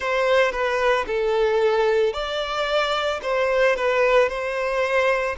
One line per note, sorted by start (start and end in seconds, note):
0.00 0.51 C5
0.51 1.05 B4
1.06 2.13 A4
2.13 3.20 D5
3.22 3.75 C5
3.75 4.29 B4
4.29 5.36 C5